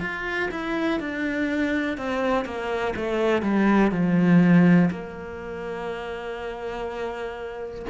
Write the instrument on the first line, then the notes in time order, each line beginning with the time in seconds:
cello
0.00 F4
0.51 E4
1.00 D4
1.97 C4
2.45 A#3
2.96 A3
3.42 G3
3.91 F3
4.91 A#3